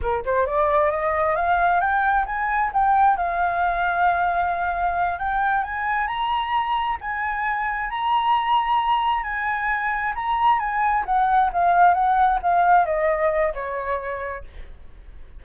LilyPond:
\new Staff \with { instrumentName = "flute" } { \time 4/4 \tempo 4 = 133 ais'8 c''8 d''4 dis''4 f''4 | g''4 gis''4 g''4 f''4~ | f''2.~ f''8 g''8~ | g''8 gis''4 ais''2 gis''8~ |
gis''4. ais''2~ ais''8~ | ais''8 gis''2 ais''4 gis''8~ | gis''8 fis''4 f''4 fis''4 f''8~ | f''8 dis''4. cis''2 | }